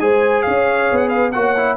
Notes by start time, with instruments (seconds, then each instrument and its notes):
0.00 tuba G#3, trombone G#4, horn C5, trumpet G#5
0.42 tuba C#4, horn C#5, trumpet F5
0.92 tuba B3, trumpet F#5
1.08 horn B4, trumpet F5
1.32 tuba A#3, trombone F#4, horn C#5, trumpet F#5
1.56 trombone E4